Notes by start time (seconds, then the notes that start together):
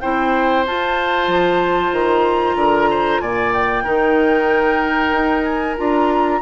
0.00 C4 E4 C5 G5
0.66 F4 A5
1.27 F3
1.92 D#3 A#5
2.55 D3 A#4
2.90 C5
3.20 A#2 D5 G#5
3.53 G5
3.83 D#3 D#4 A#4
5.12 D#4
5.43 G#5
5.76 D4 F4 A#5